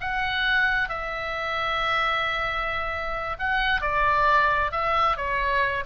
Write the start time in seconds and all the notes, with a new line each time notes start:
0.00 F#5
0.89 E5
3.39 F#5
3.81 D5
4.71 E5
5.16 C#5